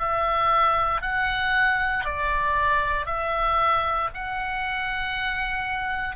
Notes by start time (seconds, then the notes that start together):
0.00 E5
1.02 F#5
2.05 D5
3.07 E5
4.14 F#5